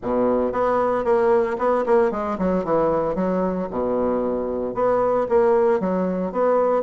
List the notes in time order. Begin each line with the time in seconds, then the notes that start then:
0.02 B2
0.52 B3
1.04 A#3
1.58 B3
1.86 A#3
2.11 G#3
2.38 F#3
2.64 E3
3.15 F#3
3.70 B2
4.74 B3
5.28 A#3
5.80 F#3
6.32 B3